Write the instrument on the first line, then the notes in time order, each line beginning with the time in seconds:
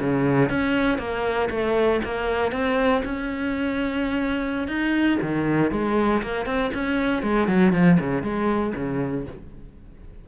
cello
0.00 C#3
0.49 C#4
0.98 A#3
1.50 A3
2.05 A#3
2.52 C4
3.05 C#4
4.68 D#4
5.22 D#3
5.72 G#3
6.23 A#3
6.46 C4
6.74 C#4
7.23 G#3
7.48 F#3
7.73 F3
8.00 C#3
8.23 G#3
8.76 C#3